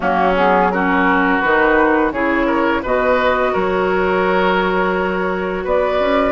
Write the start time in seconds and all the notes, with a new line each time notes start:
0.00 F#3 A#3 C#4 F#4
0.36 B3 G#4
0.71 C#4 F#4 A#4
1.40 D#3 D#4 B4
2.11 C#3 E4 G#4 C#5
2.46 A#4
2.82 B2 F#4 B4 D#5
3.52 F#3 A#4 C#5
5.64 B3 B4 D5
5.99 C#4